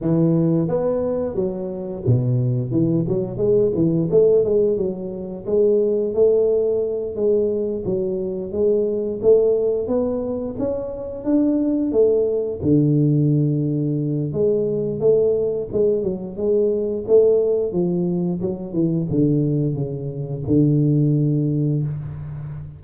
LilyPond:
\new Staff \with { instrumentName = "tuba" } { \time 4/4 \tempo 4 = 88 e4 b4 fis4 b,4 | e8 fis8 gis8 e8 a8 gis8 fis4 | gis4 a4. gis4 fis8~ | fis8 gis4 a4 b4 cis'8~ |
cis'8 d'4 a4 d4.~ | d4 gis4 a4 gis8 fis8 | gis4 a4 f4 fis8 e8 | d4 cis4 d2 | }